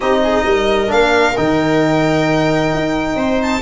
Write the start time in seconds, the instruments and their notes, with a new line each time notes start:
0.00 tuba C4, trombone D#4, viola G4, violin D#5
0.22 viola G#4
0.45 tuba G3, viola A#4
0.87 tuba A#3, trombone D4, violin F5
1.37 tuba D#3, trombone D#4, violin G5
2.74 tuba D#4
3.15 tuba C4, viola C5
3.42 violin A5